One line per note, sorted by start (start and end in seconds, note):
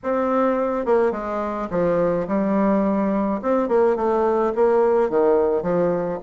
0.03 0.85 C4
0.85 1.11 A#3
1.11 1.68 G#3
1.70 2.26 F3
2.27 3.40 G3
3.41 3.68 C4
3.68 3.96 A#3
3.96 4.52 A3
4.55 5.09 A#3
5.09 5.62 D#3
5.62 6.19 F3